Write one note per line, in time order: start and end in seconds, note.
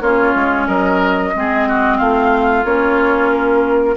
0.00 0.33 A#3
0.00 1.34 C#4
0.00 0.67 F4
0.00 0.67 C#5
0.35 0.67 G#3
0.67 1.33 F#3
0.67 1.33 A#4
0.67 1.98 D#5
1.34 2.00 G#3
1.34 2.65 C4
1.34 1.68 G#4
1.68 1.97 F#4
1.97 2.64 A3
1.97 3.95 F4
1.97 2.64 F5
2.64 3.96 A#3
2.64 3.96 C#4
2.64 3.30 C#5
3.31 3.97 A#4